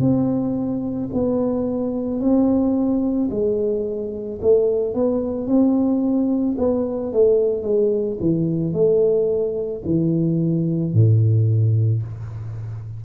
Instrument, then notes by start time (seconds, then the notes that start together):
tuba
0.00 C4
1.14 B3
2.20 C4
3.31 G#3
4.42 A3
4.94 B3
5.47 C4
6.58 B3
7.13 A3
7.63 G#3
8.20 E3
8.73 A3
9.85 E3
10.93 A2